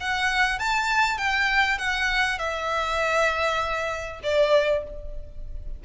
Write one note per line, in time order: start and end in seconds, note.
0.00 0.59 F#5
0.59 1.17 A5
1.17 1.78 G5
1.78 2.38 F#5
2.38 4.20 E5
4.23 4.83 D5